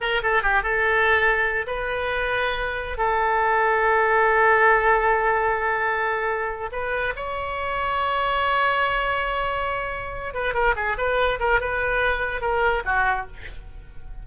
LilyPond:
\new Staff \with { instrumentName = "oboe" } { \time 4/4 \tempo 4 = 145 ais'8 a'8 g'8 a'2~ a'8 | b'2.~ b'16 a'8.~ | a'1~ | a'1~ |
a'16 b'4 cis''2~ cis''8.~ | cis''1~ | cis''4 b'8 ais'8 gis'8 b'4 ais'8 | b'2 ais'4 fis'4 | }